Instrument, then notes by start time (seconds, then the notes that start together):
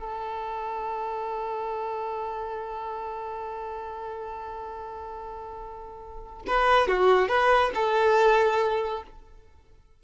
violin
0.00 A4
6.47 B4
6.88 F#4
7.28 B4
7.75 A4